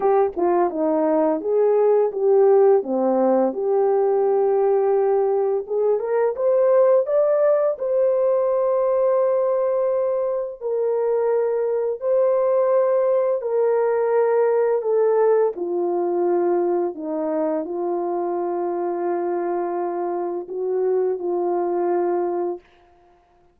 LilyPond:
\new Staff \with { instrumentName = "horn" } { \time 4/4 \tempo 4 = 85 g'8 f'8 dis'4 gis'4 g'4 | c'4 g'2. | gis'8 ais'8 c''4 d''4 c''4~ | c''2. ais'4~ |
ais'4 c''2 ais'4~ | ais'4 a'4 f'2 | dis'4 f'2.~ | f'4 fis'4 f'2 | }